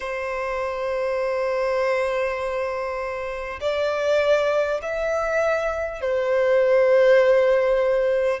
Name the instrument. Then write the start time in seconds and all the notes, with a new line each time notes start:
violin
0.00 C5
3.61 D5
4.82 E5
6.01 C5